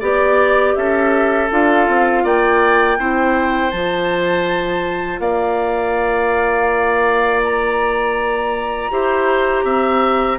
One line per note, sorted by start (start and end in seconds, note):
0.00 0.76 B3
0.00 1.50 G4
0.00 0.74 D5
0.00 0.75 D5
0.75 1.50 C#4
0.75 2.24 A4
0.75 1.50 E5
1.52 1.88 D4
1.52 2.98 F4
1.52 2.26 F5
1.88 2.25 C4
2.24 2.99 A#3
2.24 2.98 D5
2.24 3.71 G5
2.98 3.73 C4
2.98 3.72 E4
2.98 5.21 C5
3.71 5.19 F3
3.71 8.91 F4
3.71 5.19 A5
5.19 8.89 A#3
5.19 8.92 D5
5.19 7.42 F5
7.44 10.39 A#5
8.91 9.64 E4
8.91 10.39 G4
8.91 9.65 C5
9.64 10.38 C4
9.64 10.39 E5